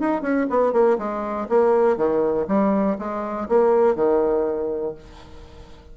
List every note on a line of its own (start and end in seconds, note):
0.00 0.22 D#4
0.22 0.47 C#4
0.50 0.73 B3
0.73 0.97 A#3
0.98 1.48 G#3
1.49 1.97 A#3
1.97 2.47 D#3
2.48 2.97 G3
2.99 3.48 G#3
3.49 3.96 A#3
3.96 4.95 D#3